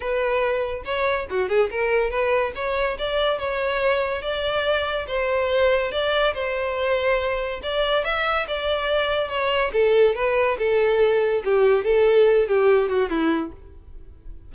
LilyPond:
\new Staff \with { instrumentName = "violin" } { \time 4/4 \tempo 4 = 142 b'2 cis''4 fis'8 gis'8 | ais'4 b'4 cis''4 d''4 | cis''2 d''2 | c''2 d''4 c''4~ |
c''2 d''4 e''4 | d''2 cis''4 a'4 | b'4 a'2 g'4 | a'4. g'4 fis'8 e'4 | }